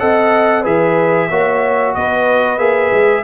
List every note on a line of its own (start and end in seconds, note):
0.00 0.66 C4
0.00 0.64 A4
0.00 0.62 D#5
0.00 0.65 F#5
0.62 1.31 E3
0.62 1.30 G#4
0.62 1.27 B4
0.62 1.95 E5
1.29 1.96 A#3
1.29 2.59 F#4
1.29 1.95 C#5
1.95 2.59 B3
1.95 3.24 B4
1.95 2.59 D#5
2.59 2.92 A#3
2.59 3.24 G#4
2.59 3.24 E5
2.93 3.24 G#3